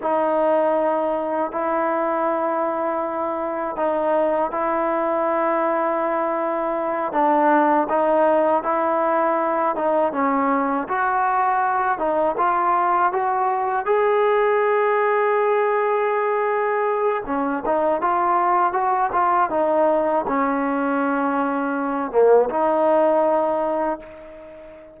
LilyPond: \new Staff \with { instrumentName = "trombone" } { \time 4/4 \tempo 4 = 80 dis'2 e'2~ | e'4 dis'4 e'2~ | e'4. d'4 dis'4 e'8~ | e'4 dis'8 cis'4 fis'4. |
dis'8 f'4 fis'4 gis'4.~ | gis'2. cis'8 dis'8 | f'4 fis'8 f'8 dis'4 cis'4~ | cis'4. ais8 dis'2 | }